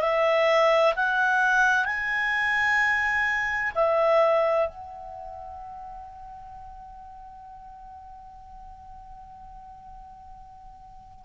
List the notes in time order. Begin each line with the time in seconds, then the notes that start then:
0.00 E5
0.96 F#5
1.85 G#5
3.75 E5
4.69 F#5